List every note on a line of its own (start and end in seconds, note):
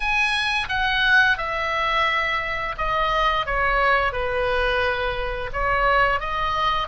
0.00 0.67 G#5
0.69 1.37 F#5
1.37 2.75 E5
2.77 3.45 D#5
3.45 4.12 C#5
4.12 5.50 B4
5.53 6.20 C#5
6.20 6.87 D#5